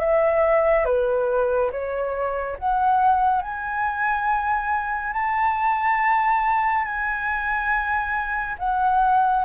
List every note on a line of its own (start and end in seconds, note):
0.00 0.85 E5
0.85 1.71 B4
1.72 2.58 C#5
2.59 3.42 F#5
3.42 5.14 G#5
5.14 6.85 A5
6.85 8.56 G#5
8.59 9.45 F#5